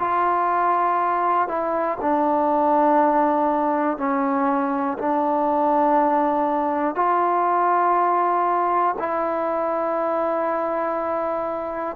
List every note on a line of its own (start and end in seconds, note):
0.00 1.49 F4
1.49 1.99 E4
2.01 3.98 D4
3.98 4.98 C#4
4.99 6.95 D4
6.95 8.95 F4
8.99 11.96 E4